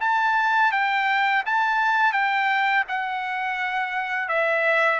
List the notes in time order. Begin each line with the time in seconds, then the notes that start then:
0.00 A5
0.72 G5
1.45 A5
2.13 G5
2.88 F#5
4.28 E5